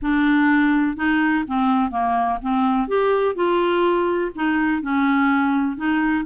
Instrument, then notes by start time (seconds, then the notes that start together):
clarinet
0.02 D4
0.96 D#4
1.47 C4
1.90 A#3
2.42 C4
2.88 G4
3.35 F4
4.35 D#4
4.81 C#4
5.76 D#4